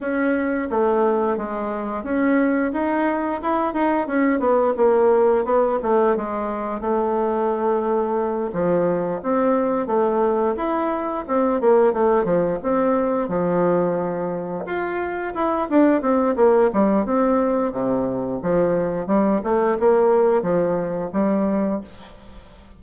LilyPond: \new Staff \with { instrumentName = "bassoon" } { \time 4/4 \tempo 4 = 88 cis'4 a4 gis4 cis'4 | dis'4 e'8 dis'8 cis'8 b8 ais4 | b8 a8 gis4 a2~ | a8 f4 c'4 a4 e'8~ |
e'8 c'8 ais8 a8 f8 c'4 f8~ | f4. f'4 e'8 d'8 c'8 | ais8 g8 c'4 c4 f4 | g8 a8 ais4 f4 g4 | }